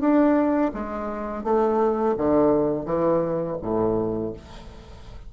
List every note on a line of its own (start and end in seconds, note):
0.00 0.71 D4
0.74 1.44 G#3
1.44 2.15 A3
2.17 2.85 D3
2.85 3.57 E3
3.61 4.33 A2